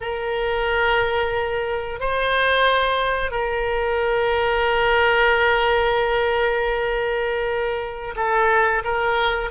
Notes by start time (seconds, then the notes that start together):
0.00 A#4
2.00 C5
3.31 A#4
8.15 A4
8.84 A#4